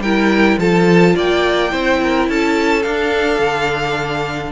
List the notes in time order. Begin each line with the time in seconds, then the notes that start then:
0.00 G3 E4 A#4 G5
0.58 F3 F4 A4 A5
1.16 A#3 D5 G5
1.70 C4 E4 C5
2.03 A#4
2.29 C#4 A4 A5
2.83 D4 F5
3.39 D3